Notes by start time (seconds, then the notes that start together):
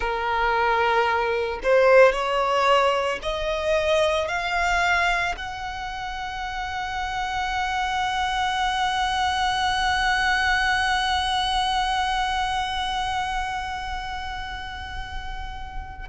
0.00 A#4
1.63 C5
2.12 C#5
3.22 D#5
4.28 F5
5.36 F#5